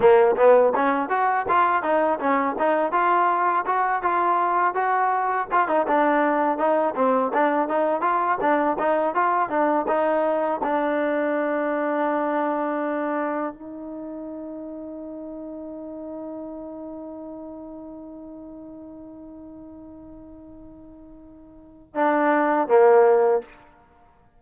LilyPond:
\new Staff \with { instrumentName = "trombone" } { \time 4/4 \tempo 4 = 82 ais8 b8 cis'8 fis'8 f'8 dis'8 cis'8 dis'8 | f'4 fis'8 f'4 fis'4 f'16 dis'16 | d'4 dis'8 c'8 d'8 dis'8 f'8 d'8 | dis'8 f'8 d'8 dis'4 d'4.~ |
d'2~ d'8 dis'4.~ | dis'1~ | dis'1~ | dis'2 d'4 ais4 | }